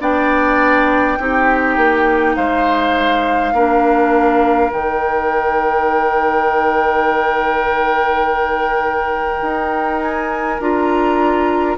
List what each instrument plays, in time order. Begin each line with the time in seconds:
0.00 bassoon B3, clarinet D4, oboe D5, flute G5
1.19 bassoon C4, clarinet D#4, oboe G4
1.76 bassoon A#3
2.36 bassoon G#3, oboe C5, flute F5
3.52 bassoon A#3, clarinet D4, oboe A#4
4.70 bassoon D#3, clarinet D#4, flute G5
9.41 bassoon D#4
10.01 flute G#5
10.59 bassoon D4, clarinet F4, flute A#5